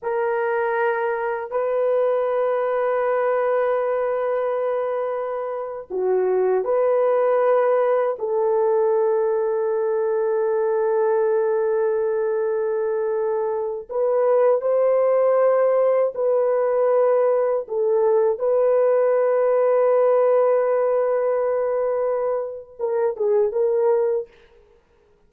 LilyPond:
\new Staff \with { instrumentName = "horn" } { \time 4/4 \tempo 4 = 79 ais'2 b'2~ | b'2.~ b'8. fis'16~ | fis'8. b'2 a'4~ a'16~ | a'1~ |
a'2~ a'16 b'4 c''8.~ | c''4~ c''16 b'2 a'8.~ | a'16 b'2.~ b'8.~ | b'2 ais'8 gis'8 ais'4 | }